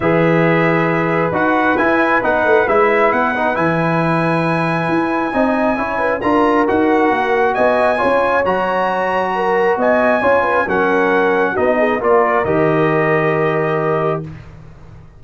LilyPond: <<
  \new Staff \with { instrumentName = "trumpet" } { \time 4/4 \tempo 4 = 135 e''2. fis''4 | gis''4 fis''4 e''4 fis''4 | gis''1~ | gis''2 ais''4 fis''4~ |
fis''4 gis''2 ais''4~ | ais''2 gis''2 | fis''2 dis''4 d''4 | dis''1 | }
  \new Staff \with { instrumentName = "horn" } { \time 4/4 b'1~ | b'1~ | b'1 | dis''4 cis''8 b'8 ais'2~ |
ais'4 dis''4 cis''2~ | cis''4 ais'4 dis''4 cis''8 b'8 | ais'2 fis'8 gis'8 ais'4~ | ais'1 | }
  \new Staff \with { instrumentName = "trombone" } { \time 4/4 gis'2. fis'4 | e'4 dis'4 e'4. dis'8 | e'1 | dis'4 e'4 f'4 fis'4~ |
fis'2 f'4 fis'4~ | fis'2. f'4 | cis'2 dis'4 f'4 | g'1 | }
  \new Staff \with { instrumentName = "tuba" } { \time 4/4 e2. dis'4 | e'4 b8 a8 gis4 b4 | e2. e'4 | c'4 cis'4 d'4 dis'4 |
ais4 b4 cis'4 fis4~ | fis2 b4 cis'4 | fis2 b4 ais4 | dis1 | }
>>